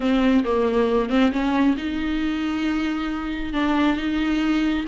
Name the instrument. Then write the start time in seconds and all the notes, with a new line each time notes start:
viola
0.00 C4
0.44 A#3
1.09 C4
1.32 C#4
1.77 D#4
3.53 D4
3.96 D#4